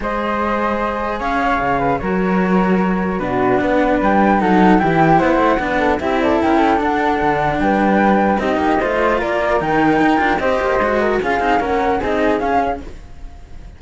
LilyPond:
<<
  \new Staff \with { instrumentName = "flute" } { \time 4/4 \tempo 4 = 150 dis''2. f''4~ | f''4 cis''2. | b'4 fis''4 g''4 fis''4 | g''4 fis''2 e''8 d''8 |
g''4 fis''2 g''4~ | g''4 dis''2 d''4 | g''2 dis''2 | f''4 fis''4 dis''4 f''4 | }
  \new Staff \with { instrumentName = "flute" } { \time 4/4 c''2. cis''4~ | cis''8 b'8 ais'2. | fis'4 b'2 a'4 | g'4 c''4 b'8 a'8 g'8 a'8 |
ais'8 a'2~ a'8 b'4~ | b'4 g'4 c''4 ais'4~ | ais'2 c''4. ais'8 | gis'4 ais'4 gis'2 | }
  \new Staff \with { instrumentName = "cello" } { \time 4/4 gis'1~ | gis'4 fis'2. | d'2. dis'4 | e'2 d'4 e'4~ |
e'4 d'2.~ | d'4 dis'4 f'2 | dis'4. f'8 g'4 fis'4 | f'8 dis'8 cis'4 dis'4 cis'4 | }
  \new Staff \with { instrumentName = "cello" } { \time 4/4 gis2. cis'4 | cis4 fis2. | b,4 b4 g4 fis4 | e4 b8 a8 b4 c'4 |
cis'4 d'4 d4 g4~ | g4 c'8 ais8 a4 ais4 | dis4 dis'8 d'8 c'8 ais8 gis4 | cis'8 c'8 ais4 c'4 cis'4 | }
>>